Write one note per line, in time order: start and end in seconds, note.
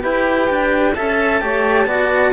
0.00 0.50 E4
0.00 0.92 G4
0.00 0.94 B4
0.00 0.96 G5
0.50 0.96 D4
0.95 1.42 C#4
0.95 1.41 A4
0.95 1.41 E5
0.95 2.33 A5
1.41 1.86 A3
1.41 1.87 G4
1.41 1.86 C#5
1.86 2.32 B3
1.86 2.33 F#4
1.86 2.32 D5